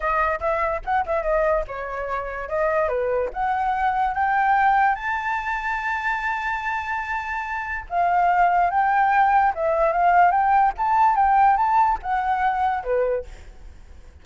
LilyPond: \new Staff \with { instrumentName = "flute" } { \time 4/4 \tempo 4 = 145 dis''4 e''4 fis''8 e''8 dis''4 | cis''2 dis''4 b'4 | fis''2 g''2 | a''1~ |
a''2. f''4~ | f''4 g''2 e''4 | f''4 g''4 a''4 g''4 | a''4 fis''2 b'4 | }